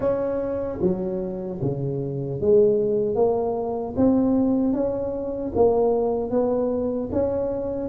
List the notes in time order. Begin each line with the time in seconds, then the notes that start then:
0.00 C#4
0.81 F#3
1.61 C#3
2.40 G#3
3.15 A#3
3.96 C4
4.73 C#4
5.55 A#3
6.30 B3
7.12 C#4